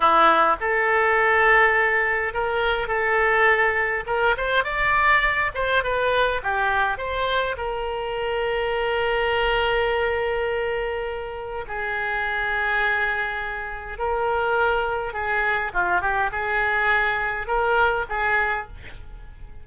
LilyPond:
\new Staff \with { instrumentName = "oboe" } { \time 4/4 \tempo 4 = 103 e'4 a'2. | ais'4 a'2 ais'8 c''8 | d''4. c''8 b'4 g'4 | c''4 ais'2.~ |
ais'1 | gis'1 | ais'2 gis'4 f'8 g'8 | gis'2 ais'4 gis'4 | }